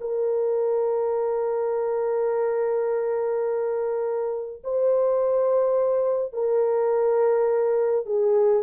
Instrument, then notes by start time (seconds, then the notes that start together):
horn
0.00 A#4
4.64 C5
6.33 A#4
8.05 G#4